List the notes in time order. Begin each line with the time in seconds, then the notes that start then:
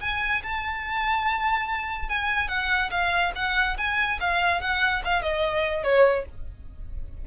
0.00 G#5
0.42 A5
2.09 G#5
2.48 F#5
2.90 F5
3.35 F#5
3.77 G#5
4.20 F5
4.61 F#5
5.04 F5
5.22 D#5
5.83 C#5